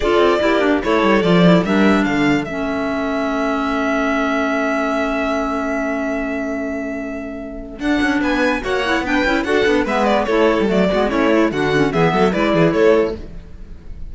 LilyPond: <<
  \new Staff \with { instrumentName = "violin" } { \time 4/4 \tempo 4 = 146 d''2 cis''4 d''4 | e''4 f''4 e''2~ | e''1~ | e''1~ |
e''2. fis''4 | gis''4 fis''4 g''4 fis''4 | e''8 d''8 cis''4 d''4 cis''4 | fis''4 e''4 d''4 cis''4 | }
  \new Staff \with { instrumentName = "violin" } { \time 4/4 a'4 g'4 a'2 | ais'4 a'2.~ | a'1~ | a'1~ |
a'1 | b'4 cis''4 b'4 a'4 | b'4 a'4. fis'8 e'4 | fis'4 gis'8 a'8 b'8 gis'8 a'4 | }
  \new Staff \with { instrumentName = "clarinet" } { \time 4/4 f'4 e'8 d'8 e'4 f'8 e'8 | d'2 cis'2~ | cis'1~ | cis'1~ |
cis'2. d'4~ | d'4 fis'8 e'8 d'8 e'8 fis'8 d'8 | b4 e'4 a8 b8 cis'8 e'8 | d'8 cis'8 b4 e'2 | }
  \new Staff \with { instrumentName = "cello" } { \time 4/4 d'8 c'8 ais4 a8 g8 f4 | g4 d4 a2~ | a1~ | a1~ |
a2. d'8 cis'8 | b4 ais4 b8 cis'8 d'8 b8 | gis4 a8. g16 fis8 gis8 a4 | d4 e8 fis8 gis8 e8 a4 | }
>>